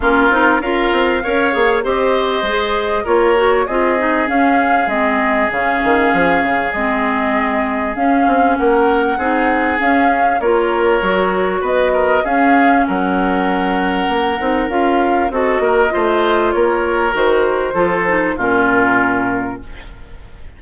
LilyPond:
<<
  \new Staff \with { instrumentName = "flute" } { \time 4/4 \tempo 4 = 98 ais'4 f''2 dis''4~ | dis''4 cis''4 dis''4 f''4 | dis''4 f''2 dis''4~ | dis''4 f''4 fis''2 |
f''4 cis''2 dis''4 | f''4 fis''2. | f''4 dis''2 cis''4 | c''2 ais'2 | }
  \new Staff \with { instrumentName = "oboe" } { \time 4/4 f'4 ais'4 cis''4 c''4~ | c''4 ais'4 gis'2~ | gis'1~ | gis'2 ais'4 gis'4~ |
gis'4 ais'2 b'8 ais'8 | gis'4 ais'2.~ | ais'4 a'8 ais'8 c''4 ais'4~ | ais'4 a'4 f'2 | }
  \new Staff \with { instrumentName = "clarinet" } { \time 4/4 cis'8 dis'8 f'4 ais'8 gis'8 g'4 | gis'4 f'8 fis'8 f'8 dis'8 cis'4 | c'4 cis'2 c'4~ | c'4 cis'2 dis'4 |
cis'4 f'4 fis'2 | cis'2.~ cis'8 dis'8 | f'4 fis'4 f'2 | fis'4 f'8 dis'8 cis'2 | }
  \new Staff \with { instrumentName = "bassoon" } { \time 4/4 ais8 c'8 cis'8 c'8 cis'8 ais8 c'4 | gis4 ais4 c'4 cis'4 | gis4 cis8 dis8 f8 cis8 gis4~ | gis4 cis'8 c'8 ais4 c'4 |
cis'4 ais4 fis4 b4 | cis'4 fis2 ais8 c'8 | cis'4 c'8 ais8 a4 ais4 | dis4 f4 ais,2 | }
>>